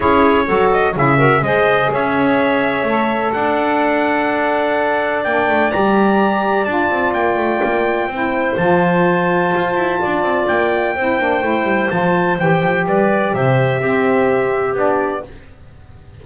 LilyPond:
<<
  \new Staff \with { instrumentName = "trumpet" } { \time 4/4 \tempo 4 = 126 cis''4. dis''8 e''4 dis''4 | e''2. fis''4~ | fis''2. g''4 | ais''2 a''4 g''4~ |
g''2 a''2~ | a''2 g''2~ | g''4 a''4 g''4 d''4 | e''2. d''4 | }
  \new Staff \with { instrumentName = "clarinet" } { \time 4/4 gis'4 a'4 gis'8 ais'8 c''4 | cis''2. d''4~ | d''1~ | d''1~ |
d''4 c''2.~ | c''4 d''2 c''4~ | c''2. b'4 | c''4 g'2. | }
  \new Staff \with { instrumentName = "saxophone" } { \time 4/4 e'4 fis'4 e'8 fis'8 gis'4~ | gis'2 a'2~ | a'2. d'4 | g'2 f'2~ |
f'4 e'4 f'2~ | f'2. e'8 d'8 | e'4 f'4 g'2~ | g'4 c'2 d'4 | }
  \new Staff \with { instrumentName = "double bass" } { \time 4/4 cis'4 fis4 cis4 gis4 | cis'2 a4 d'4~ | d'2. ais8 a8 | g2 d'8 c'8 ais8 a8 |
ais4 c'4 f2 | f'8 e'8 d'8 c'8 ais4 c'8 ais8 | a8 g8 f4 e8 f8 g4 | c4 c'2 b4 | }
>>